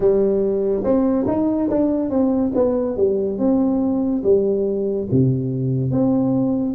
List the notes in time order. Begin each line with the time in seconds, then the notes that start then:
0.00 G3
0.83 C4
1.27 D#4
1.69 D4
2.09 C4
2.54 B3
2.97 G3
3.38 C4
4.23 G3
5.11 C3
5.91 C4